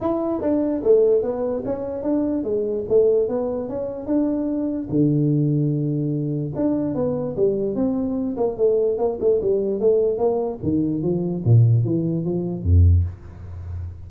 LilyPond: \new Staff \with { instrumentName = "tuba" } { \time 4/4 \tempo 4 = 147 e'4 d'4 a4 b4 | cis'4 d'4 gis4 a4 | b4 cis'4 d'2 | d1 |
d'4 b4 g4 c'4~ | c'8 ais8 a4 ais8 a8 g4 | a4 ais4 dis4 f4 | ais,4 e4 f4 f,4 | }